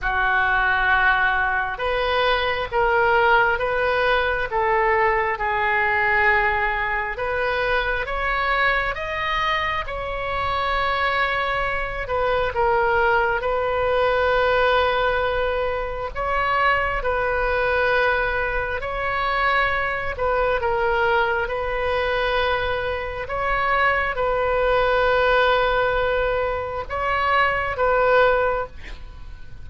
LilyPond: \new Staff \with { instrumentName = "oboe" } { \time 4/4 \tempo 4 = 67 fis'2 b'4 ais'4 | b'4 a'4 gis'2 | b'4 cis''4 dis''4 cis''4~ | cis''4. b'8 ais'4 b'4~ |
b'2 cis''4 b'4~ | b'4 cis''4. b'8 ais'4 | b'2 cis''4 b'4~ | b'2 cis''4 b'4 | }